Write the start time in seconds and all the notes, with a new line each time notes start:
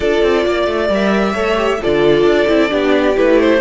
0.00 D4 F4 A4 D5
0.22 C4
0.46 A#3 D5
0.67 A3
0.88 G3 A#4 E5
1.33 A3 A4 C#5
1.56 G4
1.81 D3 F4 A4 D5
2.23 D4
2.47 C4 E4
2.69 B3 D4 G4
3.16 A3 E4 B4
3.39 C5